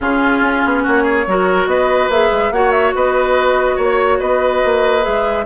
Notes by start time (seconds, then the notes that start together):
0.00 C#3 C#4 F4 G#4
0.40 C#4
0.64 B3
0.82 A#3 F#4 C#5
1.03 G#4
1.26 F#3 F#4 A#4
1.66 B3 B4 D#5
2.08 A#3 G#4 E5
2.31 G#3
2.51 A#3 F#4 C#5 F#5
2.71 E5
2.94 B3 B4 D#5
3.76 A#3 C#5
3.82 C#5
4.19 B3 B4 D#5
4.64 A#3
5.01 G#3 G#4 E5